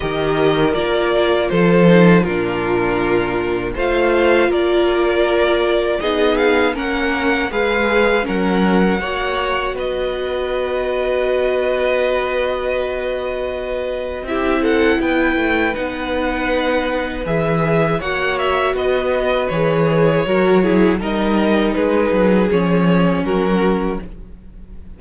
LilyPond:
<<
  \new Staff \with { instrumentName = "violin" } { \time 4/4 \tempo 4 = 80 dis''4 d''4 c''4 ais'4~ | ais'4 f''4 d''2 | dis''8 f''8 fis''4 f''4 fis''4~ | fis''4 dis''2.~ |
dis''2. e''8 fis''8 | g''4 fis''2 e''4 | fis''8 e''8 dis''4 cis''2 | dis''4 b'4 cis''4 ais'4 | }
  \new Staff \with { instrumentName = "violin" } { \time 4/4 ais'2 a'4 f'4~ | f'4 c''4 ais'2 | gis'4 ais'4 b'4 ais'4 | cis''4 b'2.~ |
b'2. g'8 a'8 | b'1 | cis''4 b'2 ais'8 gis'8 | ais'4 gis'2 fis'4 | }
  \new Staff \with { instrumentName = "viola" } { \time 4/4 g'4 f'4. dis'8 d'4~ | d'4 f'2. | dis'4 cis'4 gis'4 cis'4 | fis'1~ |
fis'2. e'4~ | e'4 dis'2 gis'4 | fis'2 gis'4 fis'8 e'8 | dis'2 cis'2 | }
  \new Staff \with { instrumentName = "cello" } { \time 4/4 dis4 ais4 f4 ais,4~ | ais,4 a4 ais2 | b4 ais4 gis4 fis4 | ais4 b2.~ |
b2. c'4 | b8 a8 b2 e4 | ais4 b4 e4 fis4 | g4 gis8 fis8 f4 fis4 | }
>>